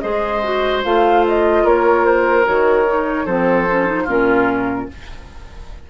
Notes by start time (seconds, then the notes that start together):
0.00 G#3 G#4 C5 D#5
0.43 F#4
0.83 A3 F4 F5
1.28 D#5
1.64 A#3 A#4 C#5
2.05 C5
2.44 D#3 F#4 C#5
2.87 D#4
3.25 F3 C4 A4 C5
3.70 C#4
3.86 D#4
4.04 A#2 C#4 F4 A#4